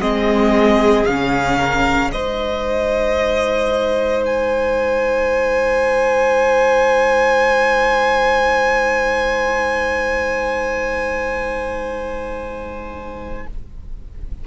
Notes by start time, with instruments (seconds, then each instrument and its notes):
0.00 cello G#3, viola C4, violin G#4 D#5
1.05 cello C#3, viola C#4, violin F5
1.58 violin A#4
2.12 cello G#3, viola D#4, violin C5 D#5
4.26 violin G#5